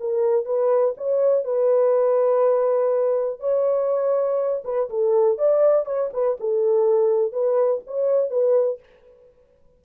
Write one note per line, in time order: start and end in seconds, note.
0.00 0.45 A#4
0.45 0.94 B4
0.97 1.44 C#5
1.44 3.40 B4
3.40 4.63 C#5
4.64 4.89 B4
4.90 5.38 A4
5.38 5.85 D5
5.85 6.10 C#5
6.13 6.38 B4
6.40 7.32 A4
7.32 7.82 B4
7.87 8.30 C#5
8.30 8.79 B4